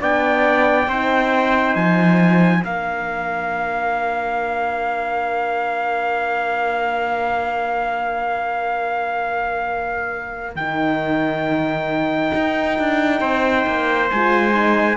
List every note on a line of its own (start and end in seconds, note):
0.00 0.87 B3
0.00 0.88 D4
0.00 0.88 D5
0.00 1.75 G5
0.87 1.75 C4
0.87 2.62 D#4
0.87 2.64 C5
1.75 2.63 F3
1.75 2.63 G#5
2.62 10.55 A#3
2.62 10.57 D4
2.62 13.20 A#4
2.62 10.55 F5
10.55 12.31 D#3
10.55 14.11 D#4
10.55 14.08 G5
12.34 12.78 D#4
12.78 13.20 D4
13.20 13.65 C4
13.20 14.97 C5
13.66 14.10 A#3
14.09 14.97 G#3
14.09 14.52 F4
14.09 14.97 G#5
14.52 14.96 D#4